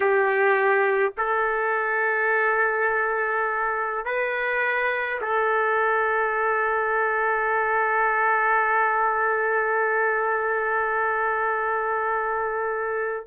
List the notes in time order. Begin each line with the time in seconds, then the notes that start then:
0.00 G4
1.17 A4
4.05 B4
5.21 A4